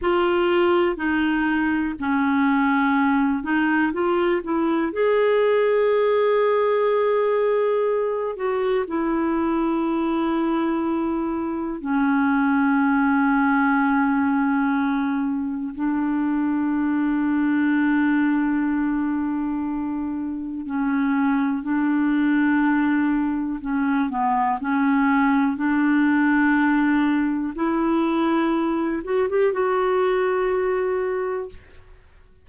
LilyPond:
\new Staff \with { instrumentName = "clarinet" } { \time 4/4 \tempo 4 = 61 f'4 dis'4 cis'4. dis'8 | f'8 e'8 gis'2.~ | gis'8 fis'8 e'2. | cis'1 |
d'1~ | d'4 cis'4 d'2 | cis'8 b8 cis'4 d'2 | e'4. fis'16 g'16 fis'2 | }